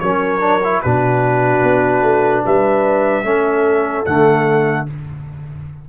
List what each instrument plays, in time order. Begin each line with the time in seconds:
0.00 tuba F#3, trombone C#4, horn A#4, trumpet C#5
0.40 trombone D4
0.64 trombone E4
0.82 tuba B2, trombone D4, horn F#4, trumpet B4
1.63 tuba B3
2.03 tuba A3
2.44 tuba G3, horn B4, trumpet E5
3.24 tuba A3, trombone C#4, horn A4
4.06 tuba D3, trombone A3, trumpet F#5